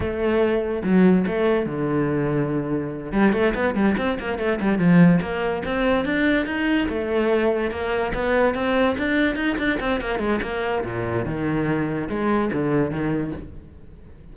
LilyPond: \new Staff \with { instrumentName = "cello" } { \time 4/4 \tempo 4 = 144 a2 fis4 a4 | d2.~ d8 g8 | a8 b8 g8 c'8 ais8 a8 g8 f8~ | f8 ais4 c'4 d'4 dis'8~ |
dis'8 a2 ais4 b8~ | b8 c'4 d'4 dis'8 d'8 c'8 | ais8 gis8 ais4 ais,4 dis4~ | dis4 gis4 d4 dis4 | }